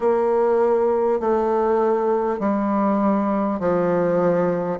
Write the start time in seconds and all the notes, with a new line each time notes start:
0.00 A#3
1.20 A3
2.39 G3
3.59 F3